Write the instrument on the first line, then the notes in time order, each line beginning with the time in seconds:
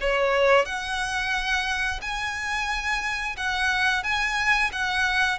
violin
0.00 C#5
0.65 F#5
2.01 G#5
3.36 F#5
4.03 G#5
4.72 F#5